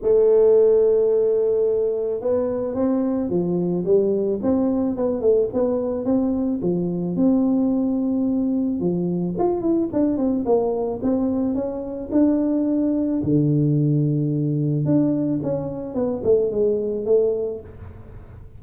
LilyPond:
\new Staff \with { instrumentName = "tuba" } { \time 4/4 \tempo 4 = 109 a1 | b4 c'4 f4 g4 | c'4 b8 a8 b4 c'4 | f4 c'2. |
f4 f'8 e'8 d'8 c'8 ais4 | c'4 cis'4 d'2 | d2. d'4 | cis'4 b8 a8 gis4 a4 | }